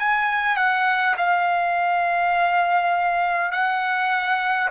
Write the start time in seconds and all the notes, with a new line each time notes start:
0.00 G#5
0.57 F#5
1.18 F5
3.52 F#5